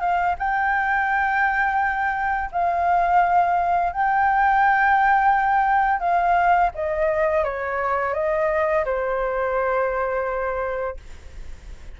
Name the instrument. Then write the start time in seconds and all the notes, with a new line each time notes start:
flute
0.00 F5
0.38 G5
2.52 F5
3.92 G5
6.00 F5
6.74 D#5
7.44 C#5
8.14 D#5
8.85 C5